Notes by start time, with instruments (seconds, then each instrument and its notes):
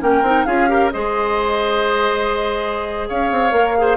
0.00 bassoon A#3, clarinet C#4, oboe A#4, flute G5
0.21 bassoon C4, clarinet D#4
0.45 bassoon C#4, clarinet F4, oboe G#4, flute F5
0.68 clarinet G4, oboe A#4
0.91 bassoon G#3, clarinet G#4, oboe C5, flute D#5
3.08 bassoon C#4, oboe C#5, flute F5
3.31 bassoon C4
3.51 bassoon A#3, clarinet A#4
3.77 clarinet G#4, oboe C5